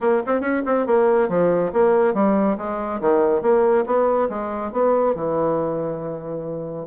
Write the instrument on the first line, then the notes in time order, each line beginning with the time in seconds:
bassoon
0.01 A#3
0.26 C4
0.41 C#4
0.65 C4
0.86 A#3
1.29 F3
1.72 A#3
2.14 G3
2.57 G#3
3.00 D#3
3.42 A#3
3.86 B3
4.29 G#3
4.72 B3
5.15 E3